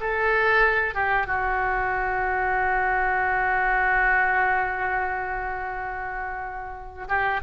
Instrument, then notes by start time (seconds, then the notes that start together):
oboe
0.00 A4
0.94 G4
1.26 F#4
7.08 G4